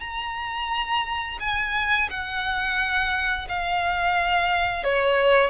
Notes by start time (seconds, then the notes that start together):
0.00 A#5
1.40 G#5
2.10 F#5
3.49 F5
4.84 C#5